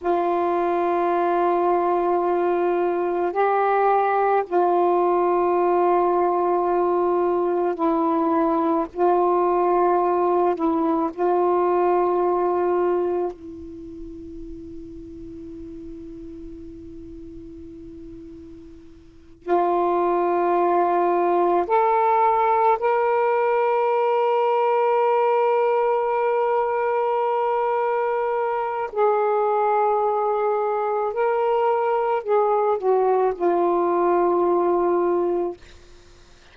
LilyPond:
\new Staff \with { instrumentName = "saxophone" } { \time 4/4 \tempo 4 = 54 f'2. g'4 | f'2. e'4 | f'4. e'8 f'2 | e'1~ |
e'4. f'2 a'8~ | a'8 ais'2.~ ais'8~ | ais'2 gis'2 | ais'4 gis'8 fis'8 f'2 | }